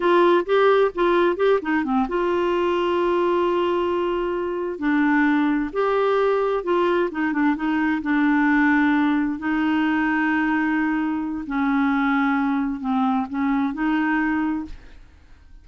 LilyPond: \new Staff \with { instrumentName = "clarinet" } { \time 4/4 \tempo 4 = 131 f'4 g'4 f'4 g'8 dis'8 | c'8 f'2.~ f'8~ | f'2~ f'8 d'4.~ | d'8 g'2 f'4 dis'8 |
d'8 dis'4 d'2~ d'8~ | d'8 dis'2.~ dis'8~ | dis'4 cis'2. | c'4 cis'4 dis'2 | }